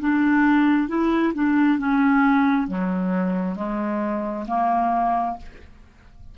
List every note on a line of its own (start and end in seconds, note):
0.00 0.88 D4
0.88 1.33 E4
1.34 1.79 D4
1.79 2.68 C#4
2.68 3.56 F#3
3.56 4.45 G#3
4.48 5.37 A#3